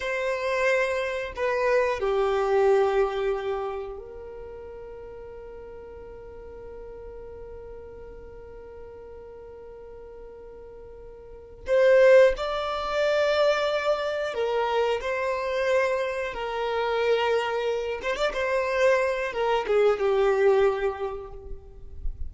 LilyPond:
\new Staff \with { instrumentName = "violin" } { \time 4/4 \tempo 4 = 90 c''2 b'4 g'4~ | g'2 ais'2~ | ais'1~ | ais'1~ |
ais'4. c''4 d''4.~ | d''4. ais'4 c''4.~ | c''8 ais'2~ ais'8 c''16 d''16 c''8~ | c''4 ais'8 gis'8 g'2 | }